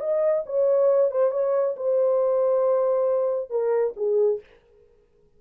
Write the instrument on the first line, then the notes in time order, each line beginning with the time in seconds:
horn
0.00 D#5
0.46 C#5
1.11 C5
1.32 C#5
1.77 C5
3.50 A#4
3.97 G#4